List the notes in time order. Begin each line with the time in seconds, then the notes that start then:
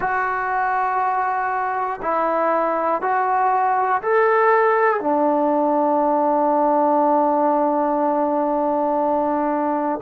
0.00 F#4
2.01 E4
3.01 F#4
4.02 A4
5.00 D4